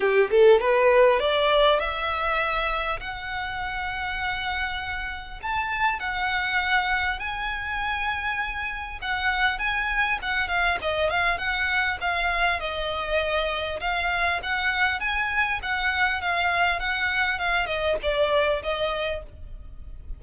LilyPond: \new Staff \with { instrumentName = "violin" } { \time 4/4 \tempo 4 = 100 g'8 a'8 b'4 d''4 e''4~ | e''4 fis''2.~ | fis''4 a''4 fis''2 | gis''2. fis''4 |
gis''4 fis''8 f''8 dis''8 f''8 fis''4 | f''4 dis''2 f''4 | fis''4 gis''4 fis''4 f''4 | fis''4 f''8 dis''8 d''4 dis''4 | }